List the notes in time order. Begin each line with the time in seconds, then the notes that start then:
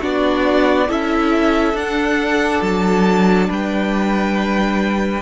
0.00 B3 D4 F#4 D5
0.88 C#4 E4 A4 E5
1.74 D4 F#5
2.62 F#3 A5
3.50 G3 B4 G5